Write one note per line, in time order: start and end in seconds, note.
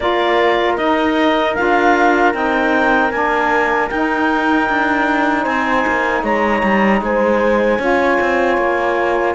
0.00 0.77 A#3
0.00 0.77 F4
0.00 5.42 A#4
0.00 0.75 D5
0.76 1.55 D#4
0.76 1.54 D#5
1.55 2.34 D4
1.55 2.33 F4
1.55 2.32 F5
2.33 3.12 C4
2.33 3.11 D#4
2.33 3.11 G5
3.11 3.89 A#3
3.11 3.89 D4
3.11 3.89 G#5
3.89 4.69 D#4
3.89 7.80 D#4
3.89 5.44 G5
4.69 5.46 D4
5.42 5.85 C4
5.42 6.20 C5
5.42 6.22 G#5
5.87 6.23 A#3
6.22 6.62 G#3
6.22 7.00 C#5
6.22 7.01 A#5
6.63 7.01 G3
7.01 7.79 G#3
7.01 7.79 C5
7.01 9.35 G#5
7.79 8.18 C#4
7.79 9.35 F4
7.79 9.34 C#5
8.20 8.57 C4
8.57 9.35 A#3